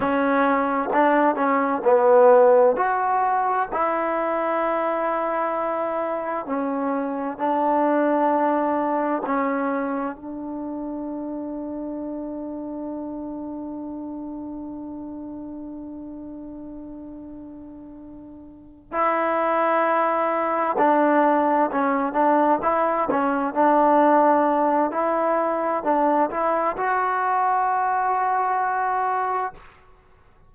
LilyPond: \new Staff \with { instrumentName = "trombone" } { \time 4/4 \tempo 4 = 65 cis'4 d'8 cis'8 b4 fis'4 | e'2. cis'4 | d'2 cis'4 d'4~ | d'1~ |
d'1~ | d'8 e'2 d'4 cis'8 | d'8 e'8 cis'8 d'4. e'4 | d'8 e'8 fis'2. | }